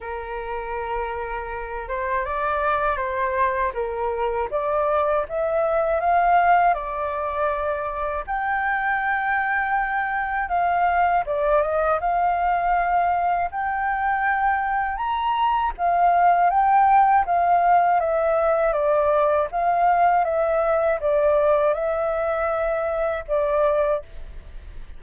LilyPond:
\new Staff \with { instrumentName = "flute" } { \time 4/4 \tempo 4 = 80 ais'2~ ais'8 c''8 d''4 | c''4 ais'4 d''4 e''4 | f''4 d''2 g''4~ | g''2 f''4 d''8 dis''8 |
f''2 g''2 | ais''4 f''4 g''4 f''4 | e''4 d''4 f''4 e''4 | d''4 e''2 d''4 | }